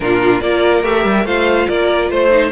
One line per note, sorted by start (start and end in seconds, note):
0.00 0.41 A#2
0.00 0.42 D4
0.00 0.42 F4
0.00 0.40 A#4
0.40 0.83 A#3
0.40 0.83 F4
0.40 1.26 A#4
0.40 0.82 D5
0.83 1.04 A3
0.83 1.25 G4
0.83 1.26 E5
1.04 1.24 G3
1.24 1.66 A3
1.24 2.30 F4
1.24 1.68 C5
1.24 1.68 F5
1.68 2.10 A#3
1.68 2.10 A#4
1.68 2.10 D5
2.10 2.52 A3
2.10 2.52 C5
2.30 2.51 D#4